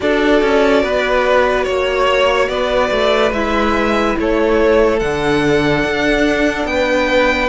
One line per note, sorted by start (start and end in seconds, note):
0.00 0.41 D4
0.00 3.31 F#4
0.00 0.83 A4
0.00 1.66 D5
0.41 0.83 C#4
0.83 1.66 B3
0.83 1.64 B4
1.64 2.48 A#3
1.64 2.47 C#5
1.64 2.48 C#5
2.48 2.90 B3
2.48 4.18 B4
2.48 3.32 D5
2.90 3.31 A3
3.31 4.14 G#3
3.31 4.99 E4
3.31 4.16 E5
4.19 5.01 A3
4.19 6.69 A4
4.19 4.99 C#5
4.99 5.84 D3
4.99 7.49 D4
4.99 6.66 F#5
5.84 6.65 D4
6.65 7.48 B3
6.65 7.49 B4
6.65 7.49 G5